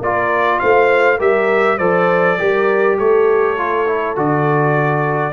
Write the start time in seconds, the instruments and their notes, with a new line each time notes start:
0.00 tuba A#3, trombone F4, horn A#4, trumpet D5
0.59 tuba A3, horn C5, trumpet F5
1.18 tuba G3, trombone G4, horn A#4, trumpet E5
1.77 tuba F3, trombone A4, horn C5, trumpet D5
2.38 tuba G3, trombone G4, horn A#4
2.98 tuba A3, horn A4, trumpet C#5
3.57 trombone F4
3.87 trombone E4
4.16 tuba D3, trombone F#4, trumpet D5